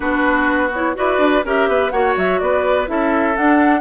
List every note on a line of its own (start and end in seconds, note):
0.00 0.96 B3
0.00 0.69 D4
0.00 0.95 F#4
0.00 0.72 B4
0.73 0.95 E4
0.73 0.97 C#5
0.95 1.18 E4
0.95 1.43 F#4
0.95 1.45 B4
0.95 1.45 D5
1.18 1.42 D4
1.45 1.68 C#4
1.45 1.92 G4
1.45 1.69 A#4
1.45 1.90 E5
1.68 1.91 B3
1.68 1.92 B4
1.90 2.15 A#3
1.90 2.86 F#4
1.90 2.40 C#5
1.90 2.14 F#5
2.16 2.40 F#3
2.16 2.39 E5
2.39 2.88 B3
2.39 2.90 B4
2.39 2.87 D5
2.86 3.36 C#4
2.86 3.34 E4
2.86 3.80 A4
2.86 3.36 E5
3.36 3.80 D4
3.36 3.80 F#5